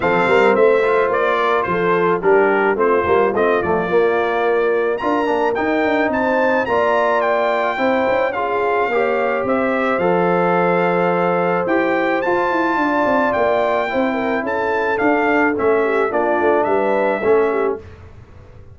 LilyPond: <<
  \new Staff \with { instrumentName = "trumpet" } { \time 4/4 \tempo 4 = 108 f''4 e''4 d''4 c''4 | ais'4 c''4 dis''8 d''4.~ | d''4 ais''4 g''4 a''4 | ais''4 g''2 f''4~ |
f''4 e''4 f''2~ | f''4 g''4 a''2 | g''2 a''4 f''4 | e''4 d''4 e''2 | }
  \new Staff \with { instrumentName = "horn" } { \time 4/4 a'8 ais'8 c''4. ais'8 a'4 | g'4 f'2.~ | f'4 ais'2 c''4 | d''2 c''4 gis'4 |
cis''4 c''2.~ | c''2. d''4~ | d''4 c''8 ais'8 a'2~ | a'8 g'8 f'4 b'4 a'8 g'8 | }
  \new Staff \with { instrumentName = "trombone" } { \time 4/4 c'4. f'2~ f'8 | d'4 c'8 ais8 c'8 a8 ais4~ | ais4 f'8 d'8 dis'2 | f'2 e'4 f'4 |
g'2 a'2~ | a'4 g'4 f'2~ | f'4 e'2 d'4 | cis'4 d'2 cis'4 | }
  \new Staff \with { instrumentName = "tuba" } { \time 4/4 f8 g8 a4 ais4 f4 | g4 a8 g8 a8 f8 ais4~ | ais4 d'8 ais8 dis'8 d'8 c'4 | ais2 c'8 cis'4. |
ais4 c'4 f2~ | f4 e'4 f'8 e'8 d'8 c'8 | ais4 c'4 cis'4 d'4 | a4 ais8 a8 g4 a4 | }
>>